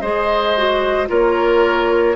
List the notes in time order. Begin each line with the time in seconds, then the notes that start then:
0.00 G#3 G#4 C5 D#5
0.57 F#4
1.08 A#3 F4 A#4 C#5